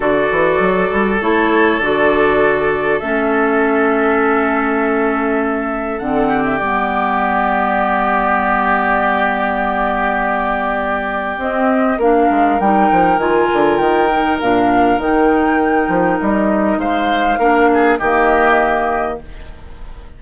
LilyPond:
<<
  \new Staff \with { instrumentName = "flute" } { \time 4/4 \tempo 4 = 100 d''2 cis''4 d''4~ | d''4 e''2.~ | e''2 fis''8. e''16 d''4~ | d''1~ |
d''2. dis''4 | f''4 g''4 gis''4 g''4 | f''4 g''2 dis''4 | f''2 dis''2 | }
  \new Staff \with { instrumentName = "oboe" } { \time 4/4 a'1~ | a'1~ | a'2~ a'8 g'4.~ | g'1~ |
g'1 | ais'1~ | ais'1 | c''4 ais'8 gis'8 g'2 | }
  \new Staff \with { instrumentName = "clarinet" } { \time 4/4 fis'2 e'4 fis'4~ | fis'4 cis'2.~ | cis'2 c'4 b4~ | b1~ |
b2. c'4 | d'4 dis'4 f'4. dis'8 | d'4 dis'2.~ | dis'4 d'4 ais2 | }
  \new Staff \with { instrumentName = "bassoon" } { \time 4/4 d8 e8 fis8 g8 a4 d4~ | d4 a2.~ | a2 d4 g4~ | g1~ |
g2. c'4 | ais8 gis8 g8 f8 dis8 d8 dis4 | ais,4 dis4. f8 g4 | gis4 ais4 dis2 | }
>>